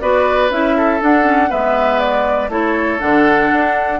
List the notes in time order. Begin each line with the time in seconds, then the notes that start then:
0.00 B3 F#4 B4 D5
0.50 C#4 E4 E5
0.77 A4
1.01 D4 F#5
1.23 C#4
1.49 G#3 B3 B4 E5
1.99 D5
2.48 A3 E4 A4 C#5
2.99 D3 D4 F#5
3.52 D4